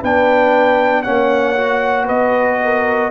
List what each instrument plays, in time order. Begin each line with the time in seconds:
0.00 tuba B3, trombone D4, horn B4, trumpet G5
1.03 tuba A#3, trombone C#4, horn C#5, trumpet F#5
1.57 trombone F#4
2.06 tuba B3, horn B4, trumpet D#5
2.64 horn A#4